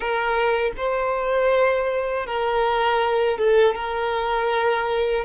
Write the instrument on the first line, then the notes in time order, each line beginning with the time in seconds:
violin
0.00 A#4
0.77 C5
2.26 A#4
3.38 A4
3.74 A#4